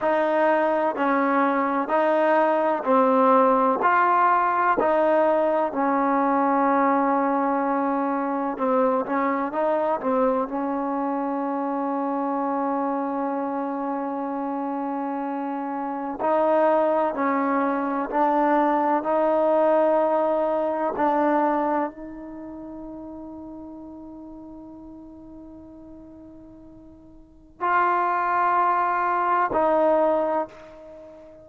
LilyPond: \new Staff \with { instrumentName = "trombone" } { \time 4/4 \tempo 4 = 63 dis'4 cis'4 dis'4 c'4 | f'4 dis'4 cis'2~ | cis'4 c'8 cis'8 dis'8 c'8 cis'4~ | cis'1~ |
cis'4 dis'4 cis'4 d'4 | dis'2 d'4 dis'4~ | dis'1~ | dis'4 f'2 dis'4 | }